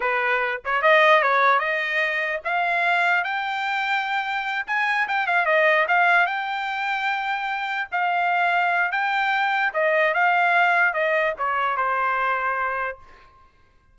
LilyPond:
\new Staff \with { instrumentName = "trumpet" } { \time 4/4 \tempo 4 = 148 b'4. cis''8 dis''4 cis''4 | dis''2 f''2 | g''2.~ g''8 gis''8~ | gis''8 g''8 f''8 dis''4 f''4 g''8~ |
g''2.~ g''8 f''8~ | f''2 g''2 | dis''4 f''2 dis''4 | cis''4 c''2. | }